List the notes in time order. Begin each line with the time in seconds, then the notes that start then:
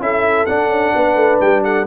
0.00 C#4 E4 A4 E5
0.46 D4 F#5
0.69 C#4
0.95 B3 B4
1.15 A3
1.40 G3 G5
1.64 A4 F#5